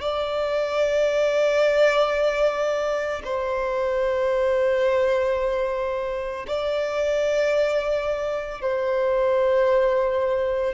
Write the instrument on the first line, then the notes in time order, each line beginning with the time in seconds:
violin
0.00 D5
3.24 C5
6.47 D5
8.61 C5